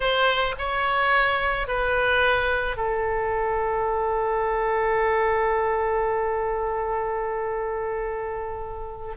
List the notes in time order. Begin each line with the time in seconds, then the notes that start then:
0.00 C5
0.58 C#5
1.67 B4
2.77 A4